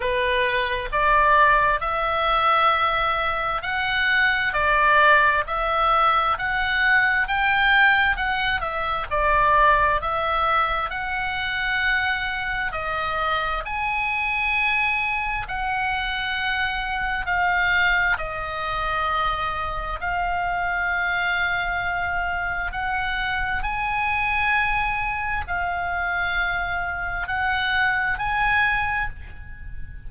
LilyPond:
\new Staff \with { instrumentName = "oboe" } { \time 4/4 \tempo 4 = 66 b'4 d''4 e''2 | fis''4 d''4 e''4 fis''4 | g''4 fis''8 e''8 d''4 e''4 | fis''2 dis''4 gis''4~ |
gis''4 fis''2 f''4 | dis''2 f''2~ | f''4 fis''4 gis''2 | f''2 fis''4 gis''4 | }